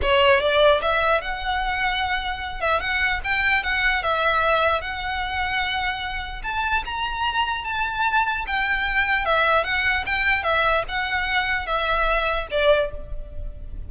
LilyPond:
\new Staff \with { instrumentName = "violin" } { \time 4/4 \tempo 4 = 149 cis''4 d''4 e''4 fis''4~ | fis''2~ fis''8 e''8 fis''4 | g''4 fis''4 e''2 | fis''1 |
a''4 ais''2 a''4~ | a''4 g''2 e''4 | fis''4 g''4 e''4 fis''4~ | fis''4 e''2 d''4 | }